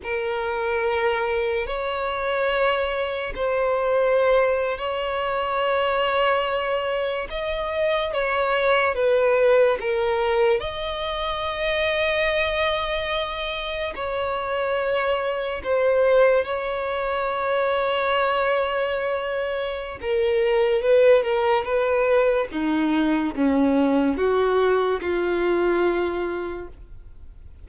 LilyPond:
\new Staff \with { instrumentName = "violin" } { \time 4/4 \tempo 4 = 72 ais'2 cis''2 | c''4.~ c''16 cis''2~ cis''16~ | cis''8. dis''4 cis''4 b'4 ais'16~ | ais'8. dis''2.~ dis''16~ |
dis''8. cis''2 c''4 cis''16~ | cis''1 | ais'4 b'8 ais'8 b'4 dis'4 | cis'4 fis'4 f'2 | }